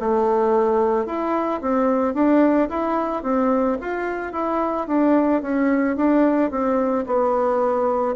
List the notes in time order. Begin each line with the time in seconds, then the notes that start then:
0.00 A3
1.06 E4
1.61 C4
2.14 D4
2.69 E4
3.23 C4
3.81 F4
4.32 E4
4.87 D4
5.42 C#4
5.97 D4
6.51 C4
7.07 B3